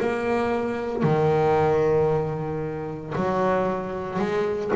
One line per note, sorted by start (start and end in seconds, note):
0.00 1.03 A#3
1.03 3.13 D#3
3.16 4.19 F#3
4.19 4.71 G#3